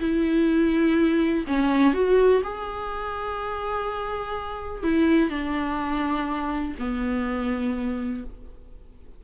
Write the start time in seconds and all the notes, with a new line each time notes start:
0.00 E4
1.48 C#4
1.94 F#4
2.44 G#4
4.84 E4
5.30 D4
6.79 B3